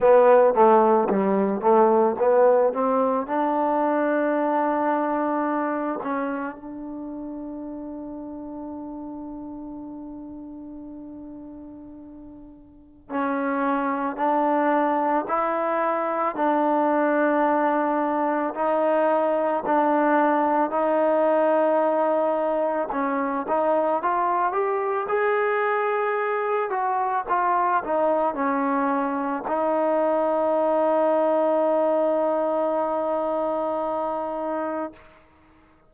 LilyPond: \new Staff \with { instrumentName = "trombone" } { \time 4/4 \tempo 4 = 55 b8 a8 g8 a8 b8 c'8 d'4~ | d'4. cis'8 d'2~ | d'1 | cis'4 d'4 e'4 d'4~ |
d'4 dis'4 d'4 dis'4~ | dis'4 cis'8 dis'8 f'8 g'8 gis'4~ | gis'8 fis'8 f'8 dis'8 cis'4 dis'4~ | dis'1 | }